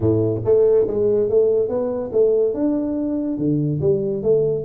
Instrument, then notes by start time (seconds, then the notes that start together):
tuba
0.00 A2
0.44 A3
0.87 G#3
1.29 A3
1.68 B3
2.12 A3
2.54 D4
3.38 D3
3.80 G3
4.22 A3